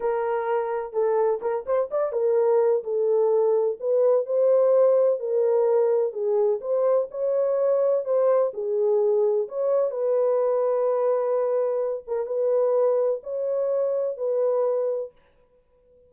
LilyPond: \new Staff \with { instrumentName = "horn" } { \time 4/4 \tempo 4 = 127 ais'2 a'4 ais'8 c''8 | d''8 ais'4. a'2 | b'4 c''2 ais'4~ | ais'4 gis'4 c''4 cis''4~ |
cis''4 c''4 gis'2 | cis''4 b'2.~ | b'4. ais'8 b'2 | cis''2 b'2 | }